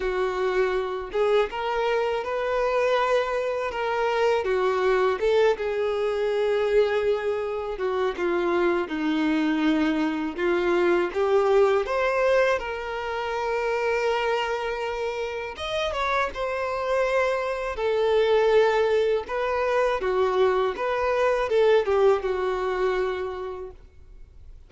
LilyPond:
\new Staff \with { instrumentName = "violin" } { \time 4/4 \tempo 4 = 81 fis'4. gis'8 ais'4 b'4~ | b'4 ais'4 fis'4 a'8 gis'8~ | gis'2~ gis'8 fis'8 f'4 | dis'2 f'4 g'4 |
c''4 ais'2.~ | ais'4 dis''8 cis''8 c''2 | a'2 b'4 fis'4 | b'4 a'8 g'8 fis'2 | }